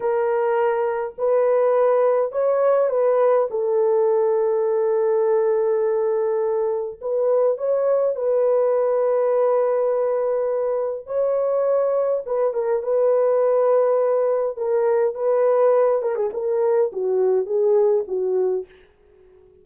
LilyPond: \new Staff \with { instrumentName = "horn" } { \time 4/4 \tempo 4 = 103 ais'2 b'2 | cis''4 b'4 a'2~ | a'1 | b'4 cis''4 b'2~ |
b'2. cis''4~ | cis''4 b'8 ais'8 b'2~ | b'4 ais'4 b'4. ais'16 gis'16 | ais'4 fis'4 gis'4 fis'4 | }